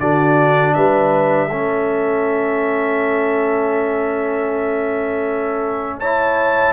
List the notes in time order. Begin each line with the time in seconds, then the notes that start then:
0.00 D3 D4 F#4 D5
0.75 G3 B4 E5
1.49 A3 C#4 A4
5.99 E4 C#5 A5